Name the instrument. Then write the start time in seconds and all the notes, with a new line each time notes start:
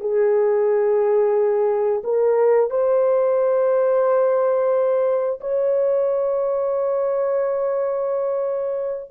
horn
0.00 G#4
2.03 A#4
2.70 C5
5.41 C#5